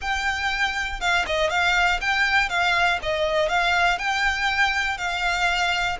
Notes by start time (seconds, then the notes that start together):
0.01 G5
1.00 F5
1.26 D#5
1.50 F5
2.00 G5
2.49 F5
3.02 D#5
3.49 F5
3.98 G5
4.97 F5